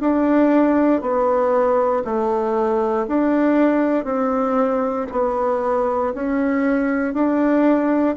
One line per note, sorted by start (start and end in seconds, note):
0.00 1.01 D4
1.01 2.03 B3
2.05 3.06 A3
3.08 4.04 D4
4.04 5.06 C4
5.12 6.13 B3
6.14 7.14 C#4
7.14 8.15 D4